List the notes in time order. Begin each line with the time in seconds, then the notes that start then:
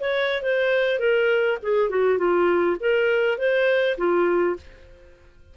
0.00 C#5
0.42 C5
0.99 A#4
1.62 G#4
1.90 F#4
2.18 F4
2.80 A#4
3.38 C5
3.98 F4